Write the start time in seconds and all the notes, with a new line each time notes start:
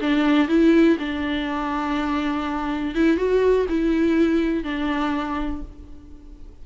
0.00 D4
0.48 E4
0.99 D4
2.95 E4
3.17 F#4
3.69 E4
4.64 D4